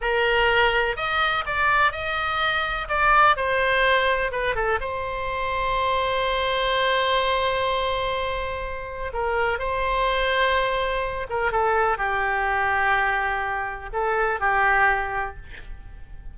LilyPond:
\new Staff \with { instrumentName = "oboe" } { \time 4/4 \tempo 4 = 125 ais'2 dis''4 d''4 | dis''2 d''4 c''4~ | c''4 b'8 a'8 c''2~ | c''1~ |
c''2. ais'4 | c''2.~ c''8 ais'8 | a'4 g'2.~ | g'4 a'4 g'2 | }